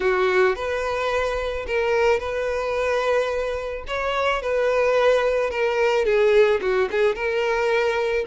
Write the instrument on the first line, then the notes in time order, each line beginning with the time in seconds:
violin
0.00 F#4
0.55 B4
1.67 A#4
2.19 B4
3.87 C#5
4.42 B4
5.50 A#4
6.05 G#4
6.61 F#4
6.91 G#4
7.15 A#4